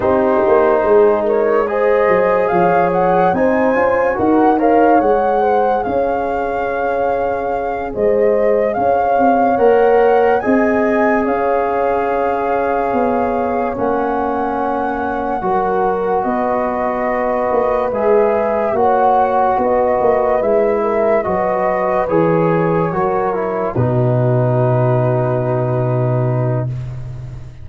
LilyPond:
<<
  \new Staff \with { instrumentName = "flute" } { \time 4/4 \tempo 4 = 72 c''4. cis''8 dis''4 f''8 fis''8 | gis''4 fis''8 f''8 fis''4 f''4~ | f''4. dis''4 f''4 fis''8~ | fis''8 gis''4 f''2~ f''8~ |
f''8 fis''2. dis''8~ | dis''4. e''4 fis''4 dis''8~ | dis''8 e''4 dis''4 cis''4.~ | cis''8 b'2.~ b'8 | }
  \new Staff \with { instrumentName = "horn" } { \time 4/4 g'4 gis'8 ais'8 c''4 cis''4 | c''4 ais'8 cis''4 c''8 cis''4~ | cis''4. c''4 cis''4.~ | cis''8 dis''4 cis''2~ cis''8~ |
cis''2~ cis''8 ais'4 b'8~ | b'2~ b'8 cis''4 b'8~ | b'4 ais'8 b'2 ais'8~ | ais'8 fis'2.~ fis'8 | }
  \new Staff \with { instrumentName = "trombone" } { \time 4/4 dis'2 gis'2 | dis'8 f'8 fis'8 ais'8 gis'2~ | gis'2.~ gis'8 ais'8~ | ais'8 gis'2.~ gis'8~ |
gis'8 cis'2 fis'4.~ | fis'4. gis'4 fis'4.~ | fis'8 e'4 fis'4 gis'4 fis'8 | e'8 dis'2.~ dis'8 | }
  \new Staff \with { instrumentName = "tuba" } { \time 4/4 c'8 ais8 gis4. fis8 f4 | c'8 cis'8 dis'4 gis4 cis'4~ | cis'4. gis4 cis'8 c'8 ais8~ | ais8 c'4 cis'2 b8~ |
b8 ais2 fis4 b8~ | b4 ais8 gis4 ais4 b8 | ais8 gis4 fis4 e4 fis8~ | fis8 b,2.~ b,8 | }
>>